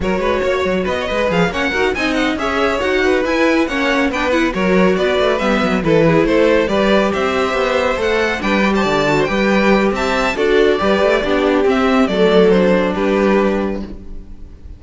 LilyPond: <<
  \new Staff \with { instrumentName = "violin" } { \time 4/4 \tempo 4 = 139 cis''2 dis''4 f''8 fis''8~ | fis''8 gis''8 fis''8 e''4 fis''4 gis''8~ | gis''8 fis''4 g''8 fis''8 cis''4 d''8~ | d''8 e''4 b'4 c''4 d''8~ |
d''8 e''2 fis''4 g''8~ | g''16 a''4~ a''16 g''4. a''4 | d''2. e''4 | d''4 c''4 b'2 | }
  \new Staff \with { instrumentName = "violin" } { \time 4/4 ais'8 b'8 cis''4 b'16 cis''16 b'4 cis''8 | ais'8 dis''4 cis''4. b'4~ | b'8 cis''4 b'4 ais'4 b'8~ | b'4. a'8 gis'8 a'4 b'8~ |
b'8 c''2. b'8~ | b'16 c''16 d''8. c''16 b'4. e''4 | a'4 b'4 g'2 | a'2 g'2 | }
  \new Staff \with { instrumentName = "viola" } { \time 4/4 fis'2~ fis'8 b'8 gis'8 cis'8 | fis'8 dis'4 gis'4 fis'4 e'8~ | e'8 cis'4 d'8 e'8 fis'4.~ | fis'8 b4 e'2 g'8~ |
g'2~ g'8 a'4 d'8 | g'4 fis'8 g'2~ g'8 | fis'4 g'4 d'4 c'4 | a4 d'2. | }
  \new Staff \with { instrumentName = "cello" } { \time 4/4 fis8 gis8 ais8 fis8 b8 gis8 f8 ais8 | dis'8 c'4 cis'4 dis'4 e'8~ | e'8 ais4 b4 fis4 b8 | a8 g8 fis8 e4 a4 g8~ |
g8 c'4 b4 a4 g8~ | g8 d4 g4. c'4 | d'4 g8 a8 b4 c'4 | fis2 g2 | }
>>